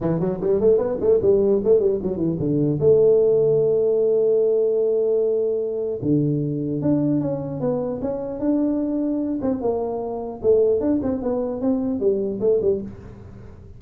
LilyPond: \new Staff \with { instrumentName = "tuba" } { \time 4/4 \tempo 4 = 150 e8 fis8 g8 a8 b8 a8 g4 | a8 g8 fis8 e8 d4 a4~ | a1~ | a2. d4~ |
d4 d'4 cis'4 b4 | cis'4 d'2~ d'8 c'8 | ais2 a4 d'8 c'8 | b4 c'4 g4 a8 g8 | }